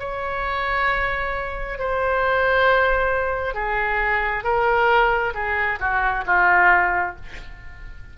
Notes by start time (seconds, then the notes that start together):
0.00 C#5
1.79 C5
3.55 G#4
4.45 A#4
5.35 G#4
5.80 F#4
6.27 F4